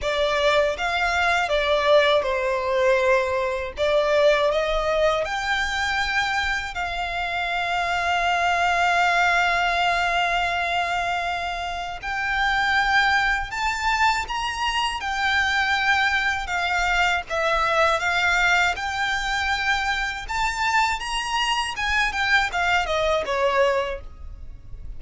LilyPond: \new Staff \with { instrumentName = "violin" } { \time 4/4 \tempo 4 = 80 d''4 f''4 d''4 c''4~ | c''4 d''4 dis''4 g''4~ | g''4 f''2.~ | f''1 |
g''2 a''4 ais''4 | g''2 f''4 e''4 | f''4 g''2 a''4 | ais''4 gis''8 g''8 f''8 dis''8 cis''4 | }